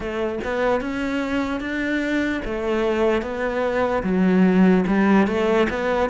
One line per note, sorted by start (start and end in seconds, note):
0.00 0.38 A3
0.44 0.80 B3
0.80 1.60 C#4
1.60 2.41 D4
2.44 3.21 A3
3.21 4.02 B3
4.03 4.84 F#3
4.86 5.27 G3
5.27 5.68 A3
5.69 6.09 B3